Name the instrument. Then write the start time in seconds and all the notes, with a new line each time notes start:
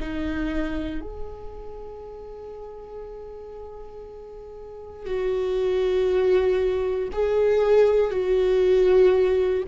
viola
0.00 D#4
1.01 G#4
5.06 F#4
7.12 G#4
8.11 F#4